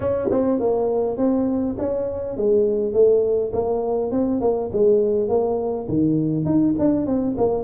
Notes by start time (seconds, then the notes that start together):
0.00 C#4
0.30 C4
0.59 A#3
1.17 C4
1.78 C#4
2.36 G#3
2.93 A3
3.52 A#3
4.11 C4
4.40 A#3
4.72 G#3
5.28 A#3
5.88 D#3
6.45 D#4
6.78 D4
7.06 C4
7.37 A#3